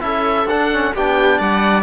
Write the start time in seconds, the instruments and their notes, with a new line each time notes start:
0.00 cello C#4, trombone E4, viola A4, oboe E5
0.46 cello D4, trombone D4, oboe F#5
0.73 trombone C#4
0.95 cello B3, trombone D4, viola G4, oboe G5
1.38 cello G3, viola D5, oboe F#5